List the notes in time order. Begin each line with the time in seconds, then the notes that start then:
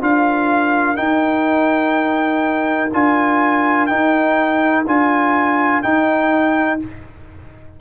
0.00 D4 F4 A#4 F5
0.96 D#4 G5
2.93 D4 F4 G#5
3.86 D#4 G5
4.85 D4 F4 G#5
5.82 D#4 G5